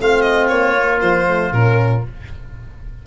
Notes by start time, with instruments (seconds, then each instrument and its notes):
0.00 tuba A3, horn C4, oboe F4, violin F5
0.21 violin D#5
0.48 tuba A#3, violin C#5
0.76 horn A#3
1.01 tuba F3, violin C5
1.26 horn A3
1.51 tuba A#2, horn C#4, violin A#4